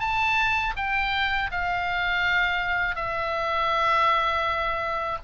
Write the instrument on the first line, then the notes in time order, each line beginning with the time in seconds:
oboe
0.00 A5
0.77 G5
1.52 F5
2.96 E5